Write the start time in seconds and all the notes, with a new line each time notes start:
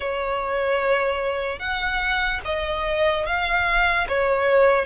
0.00 C#5
1.59 F#5
2.44 D#5
3.26 F5
4.08 C#5